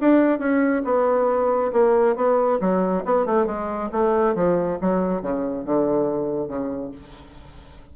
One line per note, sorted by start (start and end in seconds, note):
0.00 0.39 D4
0.39 0.82 C#4
0.84 1.71 B3
1.72 2.15 A#3
2.15 2.59 B3
2.60 3.04 F#3
3.05 3.25 B3
3.25 3.46 A3
3.46 3.89 G#3
3.92 4.35 A3
4.35 4.78 F3
4.81 5.22 F#3
5.22 5.64 C#3
5.64 6.48 D3
6.48 6.91 C#3